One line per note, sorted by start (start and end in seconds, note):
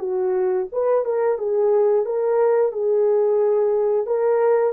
0.00 0.67 F#4
0.73 1.05 B4
1.05 1.39 A#4
1.39 2.06 G#4
2.06 2.73 A#4
2.73 4.07 G#4
4.07 4.74 A#4